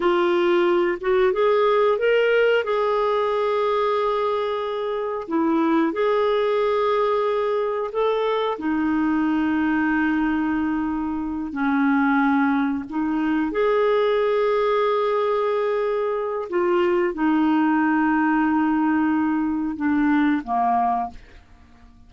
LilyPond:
\new Staff \with { instrumentName = "clarinet" } { \time 4/4 \tempo 4 = 91 f'4. fis'8 gis'4 ais'4 | gis'1 | e'4 gis'2. | a'4 dis'2.~ |
dis'4. cis'2 dis'8~ | dis'8 gis'2.~ gis'8~ | gis'4 f'4 dis'2~ | dis'2 d'4 ais4 | }